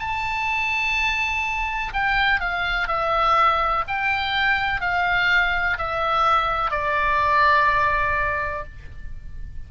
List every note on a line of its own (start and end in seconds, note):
0.00 1.94 A5
1.94 2.41 G5
2.41 2.88 F5
2.88 3.85 E5
3.88 4.81 G5
4.81 5.78 F5
5.78 6.71 E5
6.71 8.65 D5